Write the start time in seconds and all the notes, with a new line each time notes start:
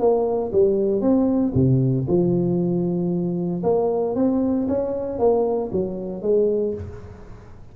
0.00 A#3
0.53 G3
1.01 C4
1.55 C3
2.08 F3
3.63 A#3
4.16 C4
4.68 C#4
5.19 A#3
5.72 F#3
6.22 G#3